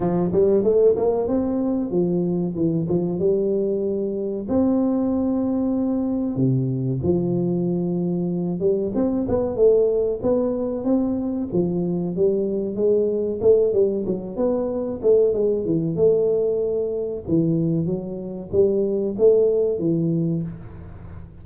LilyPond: \new Staff \with { instrumentName = "tuba" } { \time 4/4 \tempo 4 = 94 f8 g8 a8 ais8 c'4 f4 | e8 f8 g2 c'4~ | c'2 c4 f4~ | f4. g8 c'8 b8 a4 |
b4 c'4 f4 g4 | gis4 a8 g8 fis8 b4 a8 | gis8 e8 a2 e4 | fis4 g4 a4 e4 | }